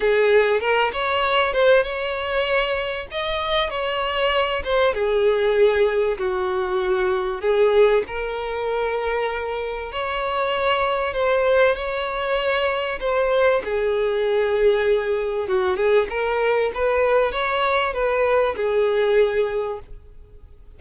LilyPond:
\new Staff \with { instrumentName = "violin" } { \time 4/4 \tempo 4 = 97 gis'4 ais'8 cis''4 c''8 cis''4~ | cis''4 dis''4 cis''4. c''8 | gis'2 fis'2 | gis'4 ais'2. |
cis''2 c''4 cis''4~ | cis''4 c''4 gis'2~ | gis'4 fis'8 gis'8 ais'4 b'4 | cis''4 b'4 gis'2 | }